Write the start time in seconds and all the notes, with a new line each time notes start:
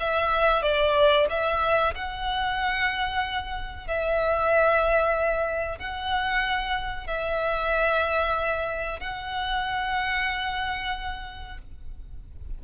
0.00 E5
0.62 D5
1.30 E5
1.95 F#5
3.88 E5
5.79 F#5
7.07 E5
9.00 F#5